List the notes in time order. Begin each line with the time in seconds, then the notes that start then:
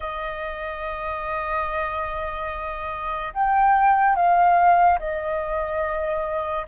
0.00 D#5
3.33 G5
4.15 F5
4.99 D#5